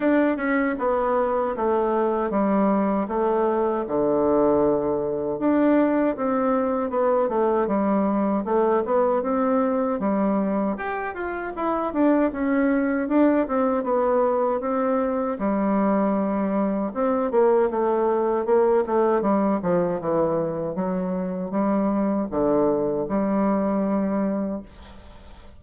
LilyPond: \new Staff \with { instrumentName = "bassoon" } { \time 4/4 \tempo 4 = 78 d'8 cis'8 b4 a4 g4 | a4 d2 d'4 | c'4 b8 a8 g4 a8 b8 | c'4 g4 g'8 f'8 e'8 d'8 |
cis'4 d'8 c'8 b4 c'4 | g2 c'8 ais8 a4 | ais8 a8 g8 f8 e4 fis4 | g4 d4 g2 | }